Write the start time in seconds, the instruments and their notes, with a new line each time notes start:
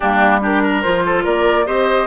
0.00 bassoon G3, clarinet A#3, oboe D4, flute G4
0.41 clarinet D4, oboe G4, flute A#4
0.62 oboe A#4
0.82 bassoon F3, clarinet F4, flute C5
1.05 oboe A4
1.23 bassoon A#3, oboe A#4, flute D5
1.66 bassoon C4, clarinet G4, oboe C5, flute D#5